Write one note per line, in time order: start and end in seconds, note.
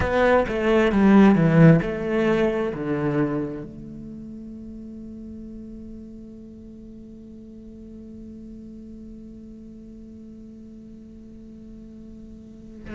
0.00 0.45 B3
0.48 0.92 A3
0.92 1.35 G3
1.35 1.80 E3
1.82 2.73 A3
2.74 3.63 D3
3.63 12.95 A3